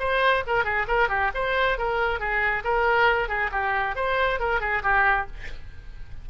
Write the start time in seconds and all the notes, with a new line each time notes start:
0.00 C5
0.47 A#4
0.65 G#4
0.88 A#4
1.09 G4
1.35 C5
1.78 A#4
2.20 G#4
2.64 A#4
3.29 G#4
3.52 G4
3.96 C5
4.40 A#4
4.61 G#4
4.83 G4